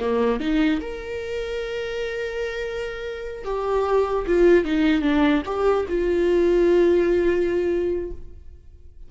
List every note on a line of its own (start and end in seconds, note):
0.00 0.40 A#3
0.40 0.81 D#4
0.81 3.45 A#4
3.45 4.26 G4
4.27 4.65 F4
4.65 5.02 D#4
5.02 5.42 D4
5.46 5.86 G4
5.89 8.12 F4